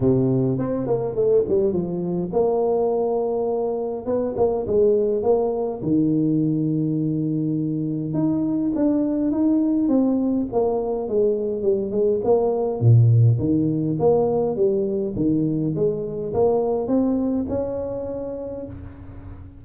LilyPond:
\new Staff \with { instrumentName = "tuba" } { \time 4/4 \tempo 4 = 103 c4 c'8 ais8 a8 g8 f4 | ais2. b8 ais8 | gis4 ais4 dis2~ | dis2 dis'4 d'4 |
dis'4 c'4 ais4 gis4 | g8 gis8 ais4 ais,4 dis4 | ais4 g4 dis4 gis4 | ais4 c'4 cis'2 | }